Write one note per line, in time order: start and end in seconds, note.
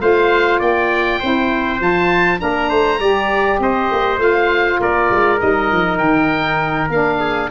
0.00 0.61 A3
0.00 1.20 F4
0.00 0.59 C5
0.00 0.61 F5
0.59 1.21 A#3
0.59 1.19 D5
0.59 1.81 G5
1.20 1.80 C4
1.20 1.78 E4
1.20 2.40 C5
1.78 2.41 F3
1.78 2.38 F4
1.78 2.40 A5
2.38 2.71 A#3
2.38 2.98 D4
2.38 2.69 A#4
2.38 3.60 A#5
2.69 3.00 A3
2.69 2.99 C5
3.00 3.60 G3
3.00 4.17 G4
3.00 3.60 D5
3.60 3.90 C4
3.60 4.81 C5
3.60 4.21 D#5
3.92 4.18 A#3
4.17 4.78 A3
4.17 5.38 F4
4.17 4.81 F5
4.80 5.10 A#3
4.80 7.20 A#4
4.80 5.41 D5
5.11 5.41 G#3
5.38 5.72 G3
5.38 6.88 D#4
5.38 5.98 D#5
5.72 6.00 F3
5.98 6.90 D#3
5.98 6.88 G5
6.90 7.50 A#3
6.90 7.51 D4
6.90 7.51 F5
7.20 7.50 G#4